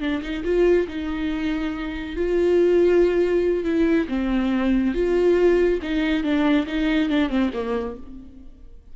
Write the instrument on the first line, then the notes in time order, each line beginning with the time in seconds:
viola
0.00 D4
0.22 D#4
0.44 F4
0.88 D#4
2.16 F4
3.64 E4
4.08 C4
4.94 F4
5.82 D#4
6.23 D4
6.66 D#4
7.09 D4
7.29 C4
7.53 A#3